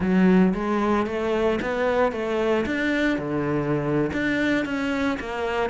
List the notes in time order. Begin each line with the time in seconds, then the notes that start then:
0.00 F#3
0.54 G#3
1.06 A3
1.61 B3
2.12 A3
2.66 D4
3.18 D3
4.12 D4
4.65 C#4
5.19 A#3